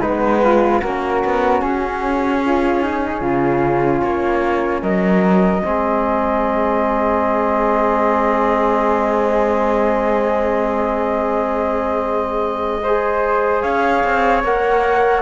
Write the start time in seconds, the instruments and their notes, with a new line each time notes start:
0.00 cello G#3, trombone B3, flute D#4 B4
0.43 flute F4
0.80 cello A#3, trombone C#4, flute F#4 A#4
1.24 cello B3
1.61 cello C#4, flute G#4
2.45 flute F4
2.83 flute D#4
3.21 cello C#3, flute F4
4.01 cello A#3, flute C#5
4.81 cello F#3, flute A#4 D#5
5.61 cello G#3, trombone C4, flute G#4
12.82 trombone G#4, flute C5
13.61 cello C#4, flute C#5 F5
14.03 cello C4
14.43 cello A#3, trombone A#4, flute F#5